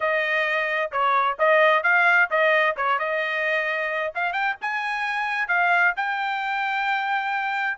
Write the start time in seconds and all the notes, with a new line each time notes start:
0.00 D#5
0.91 C#5
1.38 D#5
1.83 F5
2.30 D#5
2.76 C#5
2.98 D#5
4.14 F5
4.32 G5
4.61 G#5
5.48 F5
5.96 G5